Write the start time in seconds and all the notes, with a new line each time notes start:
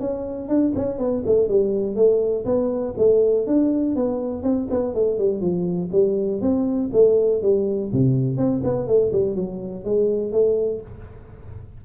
0.00 C#4
0.48 D4
0.76 C#4
0.98 B3
1.26 A3
1.48 G3
1.95 A3
2.45 B3
2.98 A3
3.47 D4
3.96 B3
4.43 C4
4.71 B3
4.94 A3
5.18 G3
5.41 F3
5.92 G3
6.41 C4
6.93 A3
7.42 G3
7.92 C3
8.37 C4
8.64 B3
8.87 A3
9.13 G3
9.35 F#3
9.85 G#3
10.32 A3